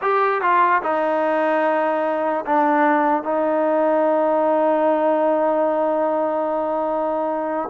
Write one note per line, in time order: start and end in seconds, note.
0.01 0.41 G4
0.41 0.82 F4
0.82 2.44 D#4
2.45 3.23 D4
3.23 7.69 D#4